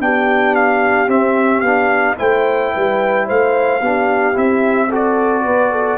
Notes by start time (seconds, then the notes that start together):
0.00 B3 D4 G4 G5
0.55 F5
1.08 C4 E5
1.61 B3 D4 F5
2.18 A3 E4 C5 G5
2.74 G3 B4
3.27 A3 C5 F5
3.81 B3 D4 G4
4.34 C4 E4 E5
4.89 F#4 A4
4.95 D5
5.44 B3 B4
5.71 A4